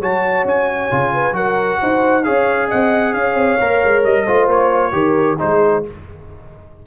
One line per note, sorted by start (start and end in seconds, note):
0.00 0.44 F#3
0.00 0.91 F#4
0.00 1.13 C#5
0.00 0.46 A5
0.44 0.89 C#4
0.44 1.35 G#5
0.91 1.32 C#3
0.91 1.32 F4
1.13 1.35 B4
1.32 1.77 F#3
1.32 2.22 F#4
1.32 1.80 A#4
1.32 2.23 F#5
1.81 2.27 D#4
1.81 2.24 C5
2.23 2.72 C#4
2.23 3.59 G#4
2.23 2.68 C#5
2.23 2.68 F5
2.68 3.13 C4
2.68 3.13 D#5
2.68 3.13 F#5
3.13 3.34 C#4
3.13 4.25 C#5
3.13 4.03 F5
3.34 3.57 C4
3.60 3.83 A#3
3.60 4.27 A#4
3.83 4.04 G#3
4.04 4.27 G3
4.04 4.48 D#5
4.25 4.47 A3
4.25 4.92 F4
4.25 4.92 C5
4.47 4.92 A#3
4.47 5.39 C#5
4.92 5.37 D#3
4.92 5.37 G4
4.92 5.38 A#4
5.38 5.86 G#3
5.38 5.83 D#4
5.38 5.85 G#4
5.38 5.84 C5